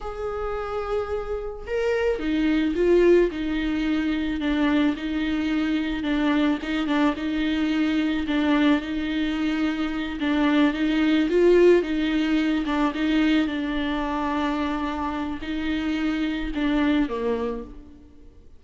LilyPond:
\new Staff \with { instrumentName = "viola" } { \time 4/4 \tempo 4 = 109 gis'2. ais'4 | dis'4 f'4 dis'2 | d'4 dis'2 d'4 | dis'8 d'8 dis'2 d'4 |
dis'2~ dis'8 d'4 dis'8~ | dis'8 f'4 dis'4. d'8 dis'8~ | dis'8 d'2.~ d'8 | dis'2 d'4 ais4 | }